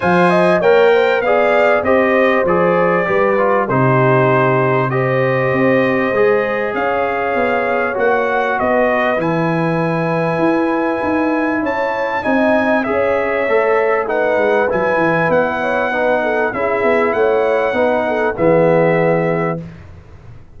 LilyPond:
<<
  \new Staff \with { instrumentName = "trumpet" } { \time 4/4 \tempo 4 = 98 gis''4 g''4 f''4 dis''4 | d''2 c''2 | dis''2. f''4~ | f''4 fis''4 dis''4 gis''4~ |
gis''2. a''4 | gis''4 e''2 fis''4 | gis''4 fis''2 e''4 | fis''2 e''2 | }
  \new Staff \with { instrumentName = "horn" } { \time 4/4 f''8 dis''8 cis''8 c''8 d''4 c''4~ | c''4 b'4 g'2 | c''2. cis''4~ | cis''2 b'2~ |
b'2. cis''4 | dis''4 cis''2 b'4~ | b'4. cis''8 b'8 a'8 gis'4 | cis''4 b'8 a'8 gis'2 | }
  \new Staff \with { instrumentName = "trombone" } { \time 4/4 c''4 ais'4 gis'4 g'4 | gis'4 g'8 f'8 dis'2 | g'2 gis'2~ | gis'4 fis'2 e'4~ |
e'1 | dis'4 gis'4 a'4 dis'4 | e'2 dis'4 e'4~ | e'4 dis'4 b2 | }
  \new Staff \with { instrumentName = "tuba" } { \time 4/4 f4 ais4 b4 c'4 | f4 g4 c2~ | c4 c'4 gis4 cis'4 | b4 ais4 b4 e4~ |
e4 e'4 dis'4 cis'4 | c'4 cis'4 a4. gis8 | fis8 e8 b2 cis'8 b8 | a4 b4 e2 | }
>>